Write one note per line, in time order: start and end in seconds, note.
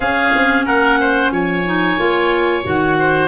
0.00 0.33 C#4
0.00 1.66 C#4
0.00 0.65 G#4
0.00 0.65 F5
0.34 0.66 C4
0.65 1.31 A#3
0.65 0.98 A#4
0.65 1.31 F#5
1.00 1.32 C5
1.31 1.97 F3
1.31 2.97 C#5
1.31 2.64 G#5
1.66 1.98 D#4
1.98 2.65 A#3
1.98 2.63 F4
2.63 3.27 D#3
2.63 3.27 F#4
2.63 3.27 F#5
2.98 3.27 C5